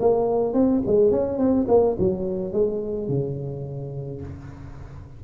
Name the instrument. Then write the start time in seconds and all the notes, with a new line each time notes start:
tuba
0.00 A#3
0.54 C4
0.86 G#3
1.11 C#4
1.38 C4
1.68 A#3
1.99 F#3
2.53 G#3
3.08 C#3